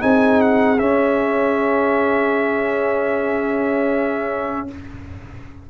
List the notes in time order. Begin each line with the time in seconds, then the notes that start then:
0.00 C4 D#4 G#4 G#5
0.42 F#5
0.79 C#4 E5